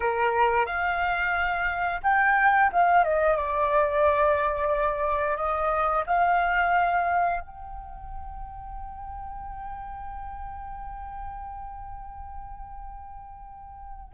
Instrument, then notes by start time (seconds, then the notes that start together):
flute
0.00 A#4
0.66 F5
2.03 G5
2.72 F5
3.04 D#5
3.36 D5
5.36 D#5
6.06 F5
7.40 G5